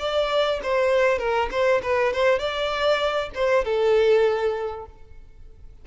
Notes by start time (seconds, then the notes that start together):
0.00 D5
0.63 C5
1.19 A#4
1.52 C5
1.83 B4
2.13 C5
2.39 D5
3.35 C5
3.65 A4